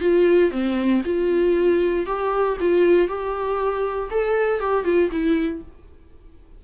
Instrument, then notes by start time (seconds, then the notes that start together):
viola
0.00 F4
0.51 C4
1.04 F4
2.06 G4
2.60 F4
3.07 G4
4.10 A4
4.59 G4
4.84 F4
5.11 E4